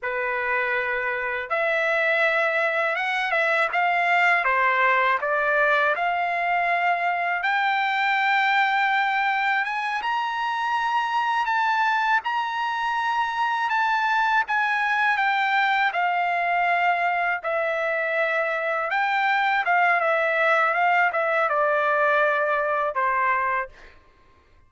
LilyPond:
\new Staff \with { instrumentName = "trumpet" } { \time 4/4 \tempo 4 = 81 b'2 e''2 | fis''8 e''8 f''4 c''4 d''4 | f''2 g''2~ | g''4 gis''8 ais''2 a''8~ |
a''8 ais''2 a''4 gis''8~ | gis''8 g''4 f''2 e''8~ | e''4. g''4 f''8 e''4 | f''8 e''8 d''2 c''4 | }